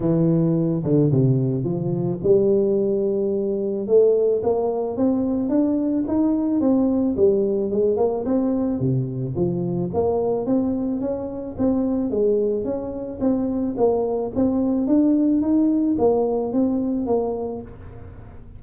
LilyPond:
\new Staff \with { instrumentName = "tuba" } { \time 4/4 \tempo 4 = 109 e4. d8 c4 f4 | g2. a4 | ais4 c'4 d'4 dis'4 | c'4 g4 gis8 ais8 c'4 |
c4 f4 ais4 c'4 | cis'4 c'4 gis4 cis'4 | c'4 ais4 c'4 d'4 | dis'4 ais4 c'4 ais4 | }